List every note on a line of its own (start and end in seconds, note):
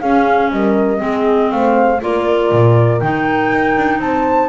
0.00 0.51 C#4
0.00 0.97 C#4
0.00 0.50 G#4
0.00 0.50 F5
0.51 1.01 G3
0.51 1.01 A#4
0.51 1.51 D#5
0.97 1.51 G#3
0.97 1.97 C4
0.97 1.51 G#4
1.51 2.01 A3
1.51 2.02 C5
1.51 2.01 F5
2.01 2.51 A#3
2.01 3.01 F4
2.01 4.03 A#4
2.01 2.99 D5
2.51 3.01 A#2
2.99 3.51 D#3
2.99 4.49 D#4
2.99 3.99 G5
3.51 3.76 D#4
3.76 3.99 D4
3.99 4.49 C4
3.99 4.49 A5
4.05 4.49 C5